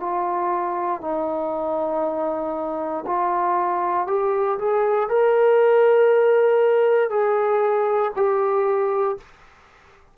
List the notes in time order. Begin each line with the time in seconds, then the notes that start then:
0.00 F4
1.01 D#4
3.06 F4
4.07 G4
4.59 G#4
5.09 A#4
7.10 G#4
8.16 G4